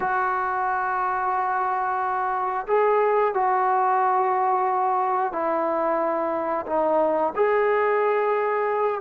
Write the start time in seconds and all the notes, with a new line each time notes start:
0.00 F#4
2.67 G#4
3.34 F#4
5.32 E4
6.66 D#4
7.35 G#4